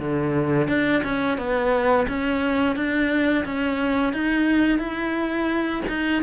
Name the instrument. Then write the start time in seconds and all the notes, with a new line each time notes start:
cello
0.00 D3
0.68 D4
1.04 C#4
1.38 B3
2.09 C#4
2.76 D4
3.45 C#4
4.13 D#4
4.79 E4
5.89 D#4